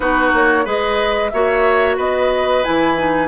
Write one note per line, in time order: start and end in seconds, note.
0.00 0.32 B3
0.00 0.64 D#4
0.00 0.65 F#4
0.00 0.31 B4
0.33 0.66 A#3
0.33 0.67 C#5
0.64 1.32 G#3
0.64 1.30 G#4
0.64 1.30 B4
0.64 1.29 D#5
1.29 1.98 A#3
1.29 2.64 F#4
1.29 1.96 C#5
1.29 1.95 E5
1.96 2.64 B3
1.96 3.27 B4
1.96 2.64 D#5
2.64 3.27 E3
2.64 2.97 E4
2.64 3.27 G#5
2.97 3.27 D#4